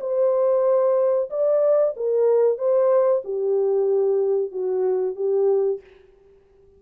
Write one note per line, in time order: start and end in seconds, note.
0.00 1.29 C5
1.30 1.94 D5
1.96 2.58 A#4
2.58 3.22 C5
3.24 4.52 G4
4.52 5.16 F#4
5.16 5.80 G4